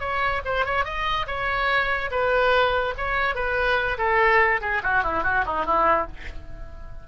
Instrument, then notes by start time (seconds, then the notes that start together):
oboe
0.00 C#5
0.45 C5
0.66 C#5
0.85 D#5
1.27 C#5
2.11 B4
2.98 C#5
3.35 B4
3.98 A4
4.62 G#4
4.84 F#4
5.04 E4
5.24 F#4
5.46 D#4
5.66 E4